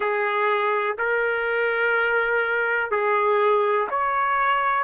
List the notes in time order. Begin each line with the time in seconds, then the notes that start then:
0.00 G#4
0.98 A#4
2.90 G#4
3.90 C#5